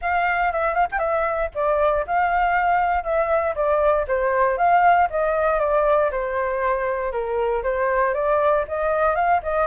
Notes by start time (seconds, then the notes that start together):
0.01 F5
0.52 E5
0.74 F5
0.91 G5
0.98 E5
1.54 D5
2.06 F5
3.03 E5
3.55 D5
4.07 C5
4.57 F5
5.10 D#5
5.59 D5
6.11 C5
7.12 A#4
7.63 C5
8.14 D5
8.67 D#5
9.15 F5
9.42 D#5